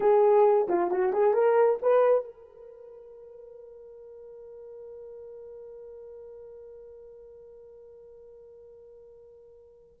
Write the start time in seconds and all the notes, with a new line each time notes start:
0.00 G#4
0.68 F4
0.90 F#4
1.12 G#4
1.33 A#4
1.82 B4
2.24 A#4